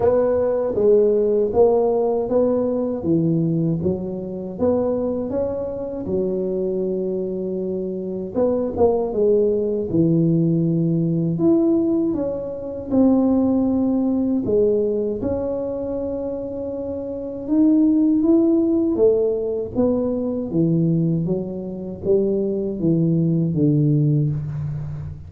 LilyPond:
\new Staff \with { instrumentName = "tuba" } { \time 4/4 \tempo 4 = 79 b4 gis4 ais4 b4 | e4 fis4 b4 cis'4 | fis2. b8 ais8 | gis4 e2 e'4 |
cis'4 c'2 gis4 | cis'2. dis'4 | e'4 a4 b4 e4 | fis4 g4 e4 d4 | }